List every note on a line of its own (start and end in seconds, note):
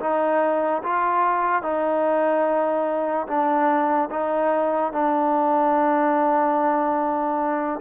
0.00 0.82 D#4
0.83 1.63 F4
1.63 3.27 D#4
3.27 4.09 D4
4.11 4.92 D#4
4.92 7.80 D4